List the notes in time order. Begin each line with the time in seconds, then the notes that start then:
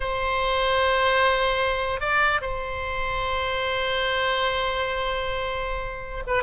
0.00 C5
2.00 D5
2.41 C5
6.26 B4